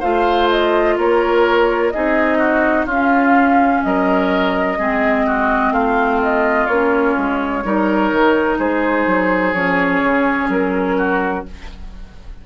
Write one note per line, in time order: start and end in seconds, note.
0.00 0.97 A3
0.00 1.93 F4
0.00 0.95 C5
0.00 0.49 F5
0.50 0.98 D#5
0.97 1.93 A#3
0.97 1.93 A#4
0.97 1.90 C#5
1.90 2.86 C4
1.90 2.89 D#4
1.90 2.38 G#4
1.90 2.86 D#5
2.38 2.86 F#4
2.86 3.81 C#4
2.86 4.79 C#4
2.86 3.81 F4
2.86 3.84 F5
3.84 4.79 F#3
3.84 4.79 A#4
3.84 5.73 D#5
4.79 5.71 G#3
4.79 6.69 C4
4.79 5.26 G#4
5.27 5.73 F#4
5.71 6.66 A3
5.71 7.64 F4
5.71 6.21 F5
6.23 6.66 D#5
6.66 7.16 A#3
6.66 7.65 C#4
6.66 8.57 C#5
7.17 7.64 G#3
7.64 8.12 G3
7.64 9.55 D#4
7.64 8.59 A#4
8.12 8.59 D#3
8.59 9.06 G#3
8.59 10.97 G#4
8.59 9.54 C5
9.06 9.54 F#3
9.54 10.02 F3
9.54 11.46 C#4
9.54 10.49 C#5
10.03 10.49 C#3
10.49 11.44 F#3
10.49 11.46 A#4
10.97 11.45 F#4